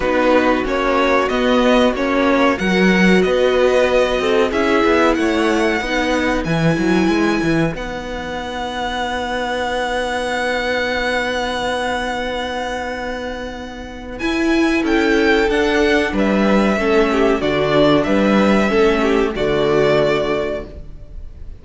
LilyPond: <<
  \new Staff \with { instrumentName = "violin" } { \time 4/4 \tempo 4 = 93 b'4 cis''4 dis''4 cis''4 | fis''4 dis''2 e''4 | fis''2 gis''2 | fis''1~ |
fis''1~ | fis''2 gis''4 g''4 | fis''4 e''2 d''4 | e''2 d''2 | }
  \new Staff \with { instrumentName = "violin" } { \time 4/4 fis'1 | ais'4 b'4. a'8 gis'4 | cis''4 b'2.~ | b'1~ |
b'1~ | b'2. a'4~ | a'4 b'4 a'8 g'8 fis'4 | b'4 a'8 g'8 fis'2 | }
  \new Staff \with { instrumentName = "viola" } { \time 4/4 dis'4 cis'4 b4 cis'4 | fis'2. e'4~ | e'4 dis'4 e'2 | dis'1~ |
dis'1~ | dis'2 e'2 | d'2 cis'4 d'4~ | d'4 cis'4 a2 | }
  \new Staff \with { instrumentName = "cello" } { \time 4/4 b4 ais4 b4 ais4 | fis4 b4. c'8 cis'8 b8 | a4 b4 e8 fis8 gis8 e8 | b1~ |
b1~ | b2 e'4 cis'4 | d'4 g4 a4 d4 | g4 a4 d2 | }
>>